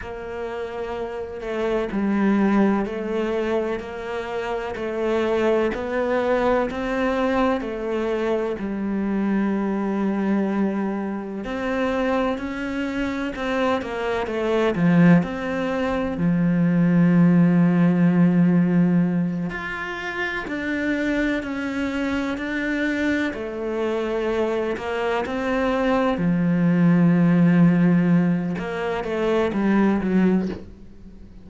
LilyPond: \new Staff \with { instrumentName = "cello" } { \time 4/4 \tempo 4 = 63 ais4. a8 g4 a4 | ais4 a4 b4 c'4 | a4 g2. | c'4 cis'4 c'8 ais8 a8 f8 |
c'4 f2.~ | f8 f'4 d'4 cis'4 d'8~ | d'8 a4. ais8 c'4 f8~ | f2 ais8 a8 g8 fis8 | }